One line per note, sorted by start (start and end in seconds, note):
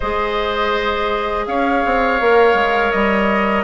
0.00 1.47 G#3
0.00 2.21 G#4
0.00 1.45 C5
0.00 1.46 D#5
1.46 1.83 C#4
1.46 3.64 C#5
1.46 2.91 F5
1.85 2.20 C4
2.20 2.54 A#3
2.20 3.64 A#4
2.54 2.90 G#3
2.91 3.64 G3
2.91 3.64 D#5